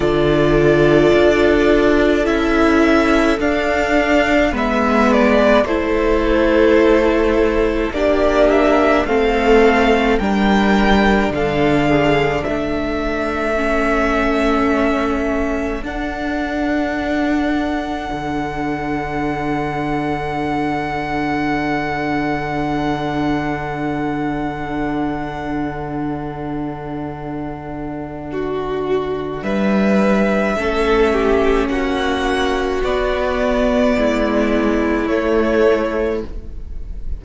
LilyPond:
<<
  \new Staff \with { instrumentName = "violin" } { \time 4/4 \tempo 4 = 53 d''2 e''4 f''4 | e''8 d''8 c''2 d''8 e''8 | f''4 g''4 f''4 e''4~ | e''2 fis''2~ |
fis''1~ | fis''1~ | fis''2 e''2 | fis''4 d''2 cis''4 | }
  \new Staff \with { instrumentName = "violin" } { \time 4/4 a'1 | b'4 a'2 g'4 | a'4 ais'4 a'8 gis'8 a'4~ | a'1~ |
a'1~ | a'1~ | a'4 fis'4 b'4 a'8 g'8 | fis'2 e'2 | }
  \new Staff \with { instrumentName = "viola" } { \time 4/4 f'2 e'4 d'4 | b4 e'2 d'4 | c'4 d'2. | cis'2 d'2~ |
d'1~ | d'1~ | d'2. cis'4~ | cis'4 b2 a4 | }
  \new Staff \with { instrumentName = "cello" } { \time 4/4 d4 d'4 cis'4 d'4 | gis4 a2 ais4 | a4 g4 d4 a4~ | a2 d'2 |
d1~ | d1~ | d2 g4 a4 | ais4 b4 gis4 a4 | }
>>